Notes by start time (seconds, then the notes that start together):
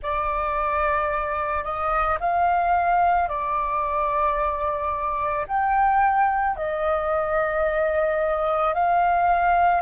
0.02 D5
1.64 D#5
2.20 F5
3.28 D5
5.47 G5
6.56 D#5
8.74 F5